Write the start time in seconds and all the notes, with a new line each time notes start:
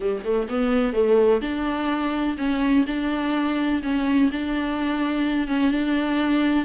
0.00 G3
0.24 A3
0.48 B3
0.93 A3
1.41 D4
2.37 C#4
2.86 D4
3.82 C#4
4.31 D4
5.47 C#4
5.71 D4